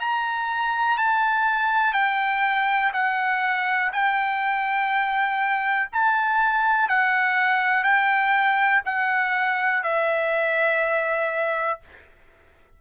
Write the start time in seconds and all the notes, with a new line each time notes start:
0.00 A#5
0.98 A5
1.94 G5
2.93 F#5
3.93 G5
5.93 A5
6.89 F#5
7.84 G5
8.85 F#5
9.84 E5